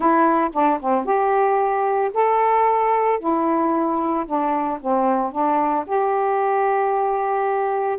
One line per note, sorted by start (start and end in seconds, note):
0.00 0.50 E4
0.53 0.79 D4
0.80 1.05 C4
1.05 2.11 G4
2.13 3.19 A4
3.19 4.25 E4
4.26 4.79 D4
4.81 5.31 C4
5.31 5.84 D4
5.86 7.98 G4